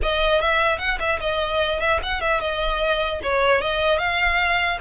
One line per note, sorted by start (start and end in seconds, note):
0.02 0.40 D#5
0.40 0.78 E5
0.78 0.98 F#5
0.99 1.19 E5
1.20 1.80 D#5
1.80 2.00 E5
2.02 2.20 F#5
2.20 2.40 E5
2.40 3.20 D#5
3.23 3.61 C#5
3.61 3.98 D#5
3.98 4.78 F5